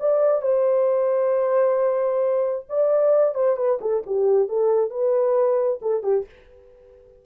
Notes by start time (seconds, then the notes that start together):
0.00 D5
0.42 C5
2.69 D5
3.35 C5
3.57 B4
3.81 A4
4.06 G4
4.49 A4
4.91 B4
5.82 A4
6.03 G4